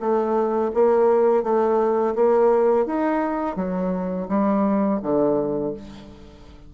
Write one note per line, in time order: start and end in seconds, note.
0.00 0.71 A3
0.74 1.44 A#3
1.44 2.15 A3
2.15 2.86 A#3
2.86 3.56 D#4
3.56 4.28 F#3
4.29 5.00 G3
5.02 5.74 D3